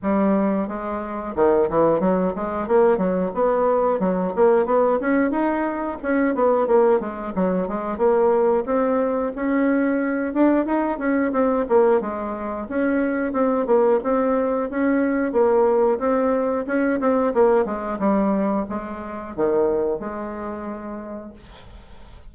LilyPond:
\new Staff \with { instrumentName = "bassoon" } { \time 4/4 \tempo 4 = 90 g4 gis4 dis8 e8 fis8 gis8 | ais8 fis8 b4 fis8 ais8 b8 cis'8 | dis'4 cis'8 b8 ais8 gis8 fis8 gis8 | ais4 c'4 cis'4. d'8 |
dis'8 cis'8 c'8 ais8 gis4 cis'4 | c'8 ais8 c'4 cis'4 ais4 | c'4 cis'8 c'8 ais8 gis8 g4 | gis4 dis4 gis2 | }